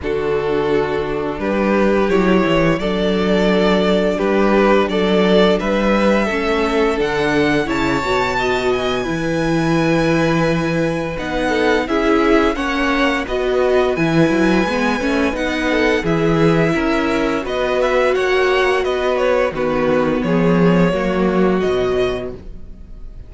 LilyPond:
<<
  \new Staff \with { instrumentName = "violin" } { \time 4/4 \tempo 4 = 86 a'2 b'4 cis''4 | d''2 b'4 d''4 | e''2 fis''4 a''4~ | a''8 gis''2.~ gis''8 |
fis''4 e''4 fis''4 dis''4 | gis''2 fis''4 e''4~ | e''4 dis''8 e''8 fis''4 dis''8 cis''8 | b'4 cis''2 dis''4 | }
  \new Staff \with { instrumentName = "violin" } { \time 4/4 fis'2 g'2 | a'2 g'4 a'4 | b'4 a'2 cis''4 | dis''4 b'2.~ |
b'8 a'8 gis'4 cis''4 b'4~ | b'2~ b'8 a'8 gis'4 | ais'4 b'4 cis''4 b'4 | fis'4 gis'4 fis'2 | }
  \new Staff \with { instrumentName = "viola" } { \time 4/4 d'2. e'4 | d'1~ | d'4 cis'4 d'4 e'8 fis'8~ | fis'4 e'2. |
dis'4 e'4 cis'4 fis'4 | e'4 b8 cis'8 dis'4 e'4~ | e'4 fis'2. | b2 ais4 fis4 | }
  \new Staff \with { instrumentName = "cello" } { \time 4/4 d2 g4 fis8 e8 | fis2 g4 fis4 | g4 a4 d4 cis8 b,8~ | b,4 e2. |
b4 cis'4 ais4 b4 | e8 fis8 gis8 a8 b4 e4 | cis'4 b4 ais4 b4 | dis4 f4 fis4 b,4 | }
>>